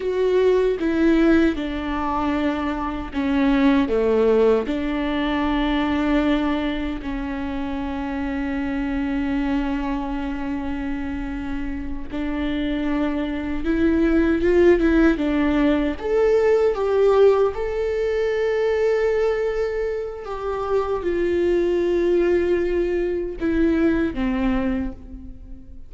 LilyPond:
\new Staff \with { instrumentName = "viola" } { \time 4/4 \tempo 4 = 77 fis'4 e'4 d'2 | cis'4 a4 d'2~ | d'4 cis'2.~ | cis'2.~ cis'8 d'8~ |
d'4. e'4 f'8 e'8 d'8~ | d'8 a'4 g'4 a'4.~ | a'2 g'4 f'4~ | f'2 e'4 c'4 | }